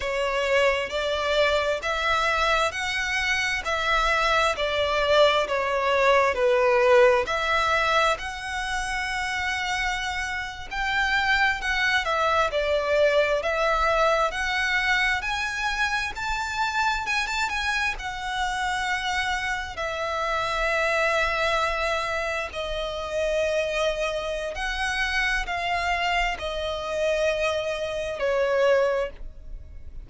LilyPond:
\new Staff \with { instrumentName = "violin" } { \time 4/4 \tempo 4 = 66 cis''4 d''4 e''4 fis''4 | e''4 d''4 cis''4 b'4 | e''4 fis''2~ fis''8. g''16~ | g''8. fis''8 e''8 d''4 e''4 fis''16~ |
fis''8. gis''4 a''4 gis''16 a''16 gis''8 fis''16~ | fis''4.~ fis''16 e''2~ e''16~ | e''8. dis''2~ dis''16 fis''4 | f''4 dis''2 cis''4 | }